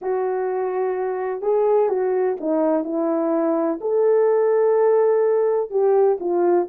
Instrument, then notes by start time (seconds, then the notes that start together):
horn
0.01 F#4
1.41 G#4
1.89 F#4
2.40 D#4
2.83 E4
3.81 A4
5.70 G4
6.19 F4